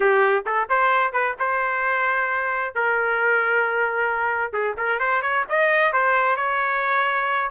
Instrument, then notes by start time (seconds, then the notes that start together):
trumpet
0.00 G4
0.46 A4
0.69 C5
1.12 B4
1.39 C5
2.74 A#4
4.52 G#4
4.77 A#4
4.99 C5
5.21 C#5
5.49 D#5
5.92 C5
6.36 C#5